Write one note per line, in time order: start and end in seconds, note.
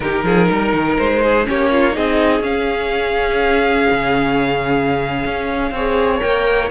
0.00 0.23 D#3
0.00 1.44 D#4
0.00 0.24 G4
0.00 0.97 A#4
0.23 0.48 F3
0.23 0.49 G#4
0.50 0.73 G3
0.50 1.22 A#4
0.73 0.97 D#3
0.98 1.48 G#3
0.98 1.46 C5
1.22 1.46 G#4
1.44 1.96 A#3
1.44 1.92 C#4
1.44 1.71 G4
1.44 1.96 C#5
1.71 1.94 F4
1.92 2.40 C4
1.92 2.40 D#4
1.92 5.72 G#4
1.92 2.42 D#5
2.40 3.86 C#4
2.40 5.73 C#4
2.40 6.20 F5
3.90 5.24 C#3
5.25 5.71 C#4
5.71 6.20 C4
5.71 6.18 G#4
5.71 6.70 C#5
6.18 6.70 A#3
6.18 6.67 A#4
6.18 6.69 G5